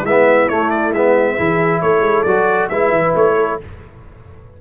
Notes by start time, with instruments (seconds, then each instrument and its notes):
0.00 tuba G#3, horn E4, trumpet E5
0.08 trombone B3
0.48 tuba A3, trombone A3, trumpet C#5
0.70 trumpet D5
0.92 tuba G#3, trombone B3, trumpet E5
1.37 tuba E3, trombone E4, horn G#4
1.81 tuba A3, horn A4, trumpet C#5
2.00 tuba G#3
2.23 tuba F#3, trombone F#4, trumpet D5
2.69 tuba G#3, trombone E4, horn B4, trumpet E5
2.90 tuba E3
3.15 tuba A3, trumpet C#5
3.35 horn A4